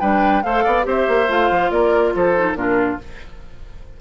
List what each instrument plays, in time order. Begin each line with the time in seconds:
0.00 bassoon G3, clarinet D4, oboe B4, flute G5
0.43 bassoon A3, clarinet A4, oboe C5, flute F5
0.64 bassoon B3, oboe D5
0.83 bassoon C4, clarinet G4, oboe C5
0.90 flute E5
1.08 bassoon A#3
1.28 bassoon A3, clarinet F4, flute F5
1.51 bassoon F3
1.71 bassoon A#3, oboe A#4, flute D5
2.15 bassoon F3, oboe A4, flute C5
2.36 clarinet D#4
2.55 bassoon A#2, clarinet D4, oboe F4, flute A#4